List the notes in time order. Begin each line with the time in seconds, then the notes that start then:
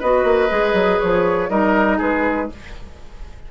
0.00 B3 F#4 B4 D#5
0.24 A#3
0.49 G#3 G#4
0.74 F#3
1.00 F3 C#5
1.50 G3 D#4 A#4 D#5
1.98 G#3 G#4 B4